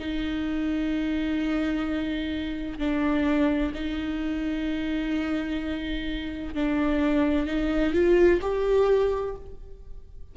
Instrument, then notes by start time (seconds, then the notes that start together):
viola
0.00 D#4
2.79 D4
3.75 D#4
6.55 D4
7.47 D#4
7.93 F4
8.42 G4